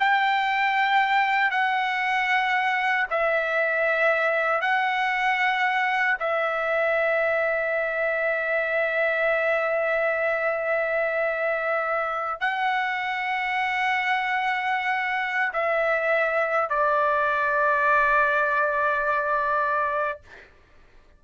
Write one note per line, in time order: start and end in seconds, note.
0.00 1.51 G5
1.51 3.07 F#5
3.11 4.62 E5
4.62 6.18 F#5
6.20 12.41 E5
12.41 15.53 F#5
15.54 16.70 E5
16.70 20.21 D5